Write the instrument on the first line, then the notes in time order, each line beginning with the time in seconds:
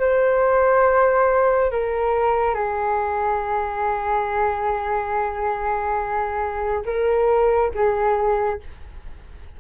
flute
0.00 C5
1.71 A#4
2.55 G#4
6.86 A#4
7.75 G#4